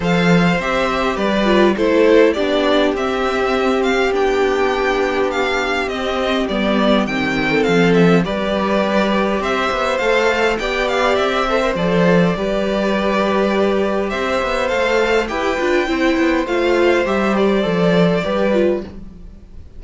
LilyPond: <<
  \new Staff \with { instrumentName = "violin" } { \time 4/4 \tempo 4 = 102 f''4 e''4 d''4 c''4 | d''4 e''4. f''8 g''4~ | g''4 f''4 dis''4 d''4 | g''4 f''8 e''8 d''2 |
e''4 f''4 g''8 f''8 e''4 | d''1 | e''4 f''4 g''2 | f''4 e''8 d''2~ d''8 | }
  \new Staff \with { instrumentName = "violin" } { \time 4/4 c''2 b'4 a'4 | g'1~ | g'1~ | g'8. a'4~ a'16 b'2 |
c''2 d''4. c''8~ | c''4 b'2. | c''2 b'4 c''4~ | c''2. b'4 | }
  \new Staff \with { instrumentName = "viola" } { \time 4/4 a'4 g'4. f'8 e'4 | d'4 c'2 d'4~ | d'2 c'4 b4 | c'2 g'2~ |
g'4 a'4 g'4. a'16 ais'16 | a'4 g'2.~ | g'4 a'4 g'8 f'8 e'4 | f'4 g'4 a'4 g'8 f'8 | }
  \new Staff \with { instrumentName = "cello" } { \time 4/4 f4 c'4 g4 a4 | b4 c'2 b4~ | b2 c'4 g4 | dis4 f4 g2 |
c'8 b8 a4 b4 c'4 | f4 g2. | c'8 b8 a4 e'8 d'8 c'8 b8 | a4 g4 f4 g4 | }
>>